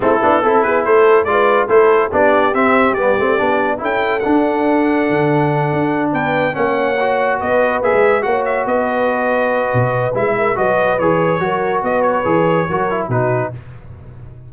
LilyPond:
<<
  \new Staff \with { instrumentName = "trumpet" } { \time 4/4 \tempo 4 = 142 a'4. b'8 c''4 d''4 | c''4 d''4 e''4 d''4~ | d''4 g''4 fis''2~ | fis''2~ fis''8 g''4 fis''8~ |
fis''4. dis''4 e''4 fis''8 | e''8 dis''2.~ dis''8 | e''4 dis''4 cis''2 | dis''8 cis''2~ cis''8 b'4 | }
  \new Staff \with { instrumentName = "horn" } { \time 4/4 e'4 a'8 gis'8 a'4 b'4 | a'4 g'2.~ | g'4 a'2.~ | a'2~ a'8 b'4 cis''8~ |
cis''4. b'2 cis''8~ | cis''8 b'2.~ b'8~ | b'8 ais'8 b'2 ais'4 | b'2 ais'4 fis'4 | }
  \new Staff \with { instrumentName = "trombone" } { \time 4/4 c'8 d'8 e'2 f'4 | e'4 d'4 c'4 b8 c'8 | d'4 e'4 d'2~ | d'2.~ d'8 cis'8~ |
cis'8 fis'2 gis'4 fis'8~ | fis'1 | e'4 fis'4 gis'4 fis'4~ | fis'4 gis'4 fis'8 e'8 dis'4 | }
  \new Staff \with { instrumentName = "tuba" } { \time 4/4 a8 b8 c'8 b8 a4 gis4 | a4 b4 c'4 g8 a8 | b4 cis'4 d'2 | d4. d'4 b4 ais8~ |
ais4. b4 ais16 gis8. ais8~ | ais8 b2~ b8 b,4 | gis4 fis4 e4 fis4 | b4 e4 fis4 b,4 | }
>>